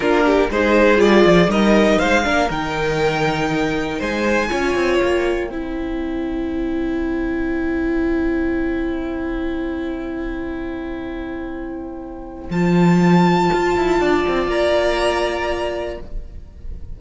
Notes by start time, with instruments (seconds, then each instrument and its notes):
0.00 cello A#3, viola D4, violin F4 A#4
0.25 violin G4
0.50 cello G#3, viola D#4, violin G#4 C5
0.96 cello G3, viola F4, violin D5
1.25 cello F3
1.47 cello G3, viola D#4, violin A#4 D#5
1.98 cello G#3, violin C5 F5
2.23 cello A#3, viola D4, violin A#4
2.50 cello D#3, viola D#4, violin G5
3.98 cello G#3, violin C5 G#5
4.49 cello C#4, viola F4, violin C#5
4.75 cello C4
4.99 cello A#3, violin G5
5.49 cello C4, viola E4, violin C5
12.49 cello F3, viola F4, violin A5
13.53 cello F4
13.77 cello E4
13.99 cello D4, violin D5
14.28 cello C4
14.47 cello A#3, violin A#5